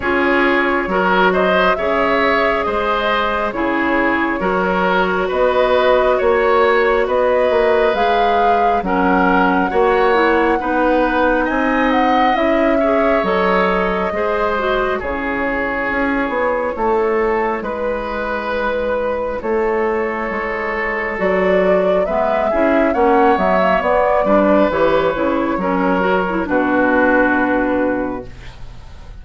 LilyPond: <<
  \new Staff \with { instrumentName = "flute" } { \time 4/4 \tempo 4 = 68 cis''4. dis''8 e''4 dis''4 | cis''2 dis''4 cis''4 | dis''4 f''4 fis''2~ | fis''4 gis''8 fis''8 e''4 dis''4~ |
dis''4 cis''2. | b'2 cis''2 | d''4 e''4 fis''8 e''8 d''4 | cis''2 b'2 | }
  \new Staff \with { instrumentName = "oboe" } { \time 4/4 gis'4 ais'8 c''8 cis''4 c''4 | gis'4 ais'4 b'4 cis''4 | b'2 ais'4 cis''4 | b'4 dis''4. cis''4. |
c''4 gis'2 a'4 | b'2 a'2~ | a'4 b'8 gis'8 cis''4. b'8~ | b'4 ais'4 fis'2 | }
  \new Staff \with { instrumentName = "clarinet" } { \time 4/4 f'4 fis'4 gis'2 | e'4 fis'2.~ | fis'4 gis'4 cis'4 fis'8 e'8 | dis'2 e'8 gis'8 a'4 |
gis'8 fis'8 e'2.~ | e'1 | fis'4 b8 e'8 cis'8 b16 ais16 b8 d'8 | g'8 e'8 cis'8 fis'16 e'16 d'2 | }
  \new Staff \with { instrumentName = "bassoon" } { \time 4/4 cis'4 fis4 cis4 gis4 | cis4 fis4 b4 ais4 | b8 ais8 gis4 fis4 ais4 | b4 c'4 cis'4 fis4 |
gis4 cis4 cis'8 b8 a4 | gis2 a4 gis4 | fis4 gis8 cis'8 ais8 fis8 b8 g8 | e8 cis8 fis4 b,2 | }
>>